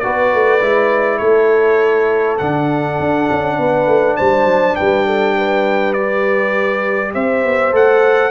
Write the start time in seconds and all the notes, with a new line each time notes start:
0.00 B3 F#4 B4 D5
0.34 A3
0.61 G#3 E4
1.18 A3 A4 C#5
2.39 D3 D4 F#5
3.00 D4
3.31 C#4
3.59 B3 B4
3.87 A3
4.17 G3 C5 A5
4.45 F#3
4.76 G3 B4 G5
5.07 A4
5.37 B4
5.94 G4 D5
7.14 C4 C5 E5
7.44 B3
7.72 A3 A4 F#5